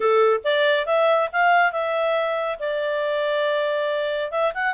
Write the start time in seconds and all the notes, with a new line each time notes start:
0.00 A4
0.44 D5
0.86 E5
1.32 F5
1.72 E5
2.59 D5
4.31 E5
4.53 F#5